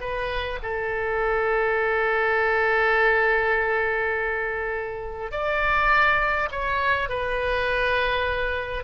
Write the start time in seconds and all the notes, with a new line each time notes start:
0.00 B4
0.62 A4
5.31 D5
6.51 C#5
7.09 B4